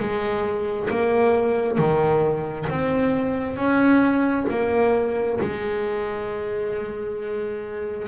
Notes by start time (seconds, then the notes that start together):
0.00 G#3
0.90 A#3
1.78 D#3
2.70 C4
3.57 C#4
4.51 A#3
5.41 G#3